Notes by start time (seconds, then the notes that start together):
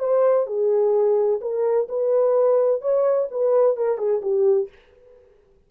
0.00 C5
0.47 G#4
1.41 A#4
1.89 B4
2.82 C#5
3.32 B4
3.77 A#4
3.98 G#4
4.22 G4